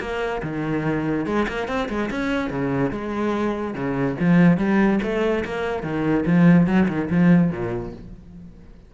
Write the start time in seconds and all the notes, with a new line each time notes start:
0.00 A#3
0.42 D#3
1.26 G#3
1.48 A#3
1.67 C4
1.89 G#3
2.10 C#4
2.50 C#3
2.91 G#3
3.74 C#3
4.20 F3
4.57 G3
5.02 A3
5.44 A#3
5.83 D#3
6.26 F3
6.67 F#3
6.88 D#3
7.10 F3
7.51 A#2